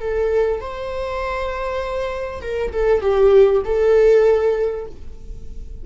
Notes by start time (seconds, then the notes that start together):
0.00 A4
0.60 C5
2.41 A#4
2.72 A4
3.01 G4
3.64 A4